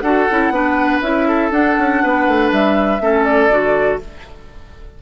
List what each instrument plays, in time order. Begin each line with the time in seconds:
0.00 bassoon D4, clarinet F#4, oboe A4, flute F#5
0.30 bassoon C#4, clarinet E4
0.50 bassoon B3, clarinet D4, oboe B4
1.01 bassoon C#4, clarinet E4, flute E5
1.28 oboe A4
1.51 bassoon D4, clarinet D4, flute F#5
1.78 bassoon C#4
2.03 bassoon B3, oboe B4
2.28 bassoon A3
2.52 bassoon G3, flute E5
3.00 bassoon A3, clarinet C#4, oboe A4
3.24 flute D5
3.50 bassoon D3, clarinet F#4